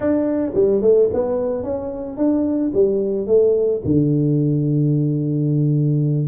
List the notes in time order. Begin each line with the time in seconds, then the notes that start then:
0.00 D4
0.54 G3
0.81 A3
1.13 B3
1.63 C#4
2.17 D4
2.74 G3
3.27 A3
3.84 D3